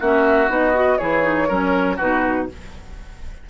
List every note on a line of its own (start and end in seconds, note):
0.00 0.49 A#3
0.00 0.48 C#4
0.00 0.99 F#4
0.00 0.50 E5
0.48 0.98 B3
0.48 0.73 D#4
0.48 0.98 D#5
0.74 0.99 F#4
0.98 1.50 E3
0.98 1.23 E4
0.98 1.48 G#4
0.98 1.97 C#5
1.23 1.48 D#4
1.48 1.99 F#3
1.48 1.99 C#4
1.48 1.96 A#4
1.96 2.50 B2
1.96 2.49 D#4
1.96 2.46 F#4
1.96 2.49 B4